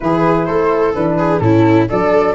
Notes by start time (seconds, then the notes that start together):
0.00 E3 E4 G#4 B4
0.45 A3 A4 C5
0.94 E3 D4 B4
1.18 G#4
1.39 A2 C#4 E4 A4
1.89 F#3 D4 A4 D5